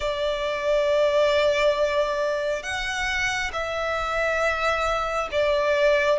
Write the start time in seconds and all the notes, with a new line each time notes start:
0.00 D5
2.62 F#5
3.52 E5
5.31 D5